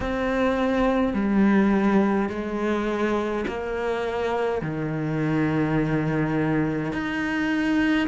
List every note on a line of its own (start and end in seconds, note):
0.00 1.13 C4
1.13 2.29 G3
2.29 3.44 G#3
3.47 4.62 A#3
4.62 6.92 D#3
6.92 8.07 D#4